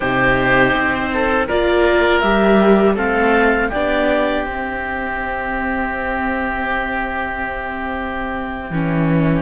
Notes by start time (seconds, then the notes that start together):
0.00 C3 D#4 G4 C5
0.73 C4
1.13 A4
1.47 A#3 F4 A#4 D5
2.20 G3 G4 E5
2.94 A3 C4 A4 F5
3.69 B3 D4 G4 D5
4.44 C4 E5
8.70 E3 C#4